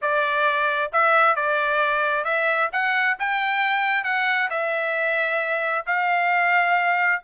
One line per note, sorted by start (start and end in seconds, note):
0.01 0.91 D5
0.92 1.35 E5
1.35 2.24 D5
2.24 2.69 E5
2.72 3.17 F#5
3.19 4.04 G5
4.04 4.49 F#5
4.49 5.85 E5
5.86 7.21 F5